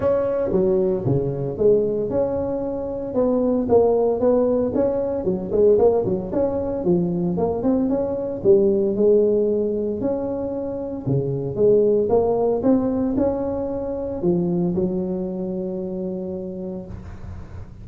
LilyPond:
\new Staff \with { instrumentName = "tuba" } { \time 4/4 \tempo 4 = 114 cis'4 fis4 cis4 gis4 | cis'2 b4 ais4 | b4 cis'4 fis8 gis8 ais8 fis8 | cis'4 f4 ais8 c'8 cis'4 |
g4 gis2 cis'4~ | cis'4 cis4 gis4 ais4 | c'4 cis'2 f4 | fis1 | }